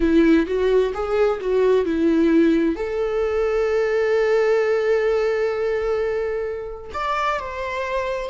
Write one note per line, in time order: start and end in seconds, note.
0.00 0.46 E4
0.46 0.92 F#4
0.94 1.40 G#4
1.40 1.85 F#4
1.85 2.75 E4
2.75 6.91 A4
6.93 7.39 D5
7.39 8.30 C5